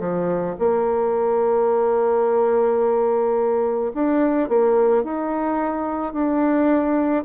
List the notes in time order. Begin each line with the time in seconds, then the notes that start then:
0.00 F3
0.59 A#3
3.94 D4
4.48 A#3
5.04 D#4
6.13 D4